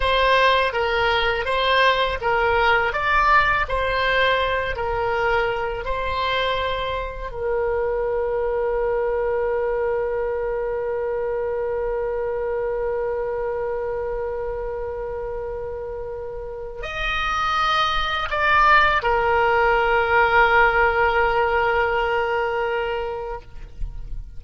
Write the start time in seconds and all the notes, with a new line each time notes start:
0.00 C5
0.73 A#4
1.45 C5
2.21 A#4
2.92 D5
3.68 C5
4.76 A#4
5.84 C5
7.31 A#4
16.82 D#5
18.30 D5
19.02 A#4